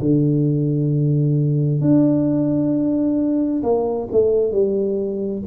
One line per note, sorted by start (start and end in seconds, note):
0.00 1.81 D3
1.81 3.63 D4
3.63 4.09 A#3
4.12 4.52 A3
4.52 5.43 G3